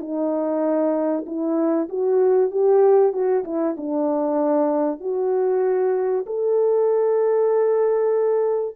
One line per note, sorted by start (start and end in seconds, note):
0.00 1.25 D#4
1.26 1.88 E4
1.89 2.51 F#4
2.51 3.12 G4
3.12 3.43 F#4
3.44 3.75 E4
3.77 5.00 D4
5.00 6.25 F#4
6.26 8.76 A4